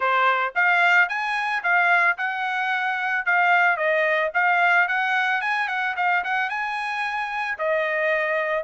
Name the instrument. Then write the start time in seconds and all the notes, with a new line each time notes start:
trumpet
0.00 C5
0.55 F5
1.08 G#5
1.63 F5
2.17 F#5
3.25 F5
3.76 D#5
4.34 F5
4.88 F#5
5.41 G#5
5.68 F#5
5.96 F5
6.24 F#5
6.49 G#5
7.58 D#5